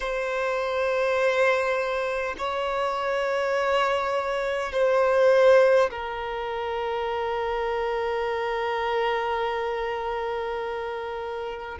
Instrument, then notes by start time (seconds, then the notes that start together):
violin
0.00 C5
2.38 C#5
4.72 C5
5.90 A#4